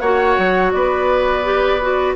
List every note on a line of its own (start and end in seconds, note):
0.00 0.37 A#3
0.00 1.44 F#4
0.00 0.72 C#5
0.00 0.71 F#5
0.38 0.74 F#3
0.72 2.16 B3
0.72 2.16 B4
0.72 2.14 D5
1.44 1.80 G4
1.82 2.16 F#4